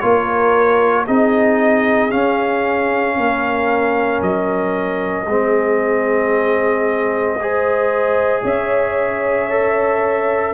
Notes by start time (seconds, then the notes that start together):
0.00 A#3 F4 A#4 C#5
1.05 C4 D#4 G#4 D#5
2.10 C#4 F5
3.18 A#3 A#4
4.22 F#3 D#5
5.27 G#3 C4 G#4
7.41 G#4 C5
8.43 C#4 C#5 E5
9.50 A4